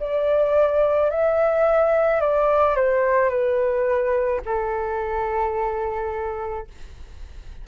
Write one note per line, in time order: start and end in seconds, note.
0.00 1.11 D5
1.11 2.21 E5
2.21 2.76 D5
2.76 3.29 C5
3.29 4.40 B4
4.45 6.68 A4